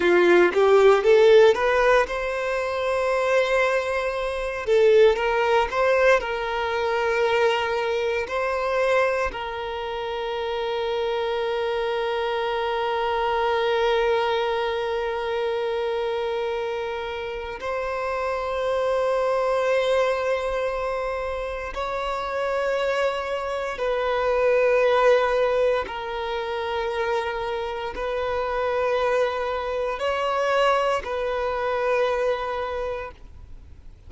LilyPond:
\new Staff \with { instrumentName = "violin" } { \time 4/4 \tempo 4 = 58 f'8 g'8 a'8 b'8 c''2~ | c''8 a'8 ais'8 c''8 ais'2 | c''4 ais'2.~ | ais'1~ |
ais'4 c''2.~ | c''4 cis''2 b'4~ | b'4 ais'2 b'4~ | b'4 cis''4 b'2 | }